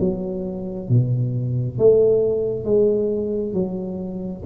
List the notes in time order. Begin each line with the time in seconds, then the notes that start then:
0.00 F#3
0.90 B2
1.78 A3
2.65 G#3
3.54 F#3